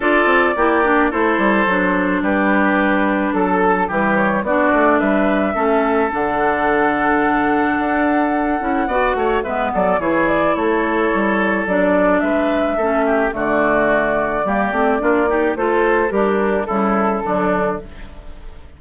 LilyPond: <<
  \new Staff \with { instrumentName = "flute" } { \time 4/4 \tempo 4 = 108 d''2 c''2 | b'2 a'4 b'8 cis''8 | d''4 e''2 fis''4~ | fis''1~ |
fis''4 e''8 d''8 cis''8 d''8 cis''4~ | cis''4 d''4 e''2 | d''1 | c''4 ais'4 a'2 | }
  \new Staff \with { instrumentName = "oboe" } { \time 4/4 a'4 g'4 a'2 | g'2 a'4 g'4 | fis'4 b'4 a'2~ | a'1 |
d''8 cis''8 b'8 a'8 gis'4 a'4~ | a'2 b'4 a'8 g'8 | fis'2 g'4 f'8 g'8 | a'4 d'4 e'4 d'4 | }
  \new Staff \with { instrumentName = "clarinet" } { \time 4/4 f'4 e'8 d'8 e'4 d'4~ | d'2. g4 | d'2 cis'4 d'4~ | d'2.~ d'8 e'8 |
fis'4 b4 e'2~ | e'4 d'2 cis'4 | a2 ais8 c'8 d'8 dis'8 | f'4 g'4 g4 fis4 | }
  \new Staff \with { instrumentName = "bassoon" } { \time 4/4 d'8 c'8 ais4 a8 g8 fis4 | g2 fis4 e4 | b8 a8 g4 a4 d4~ | d2 d'4. cis'8 |
b8 a8 gis8 fis8 e4 a4 | g4 fis4 gis4 a4 | d2 g8 a8 ais4 | a4 g4 cis4 d4 | }
>>